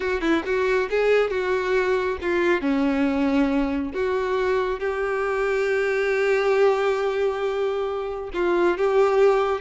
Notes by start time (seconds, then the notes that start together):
0.00 F#4
0.21 E4
0.45 F#4
0.90 G#4
1.30 F#4
2.21 F4
2.61 C#4
3.93 F#4
4.79 G4
8.33 F4
8.77 G4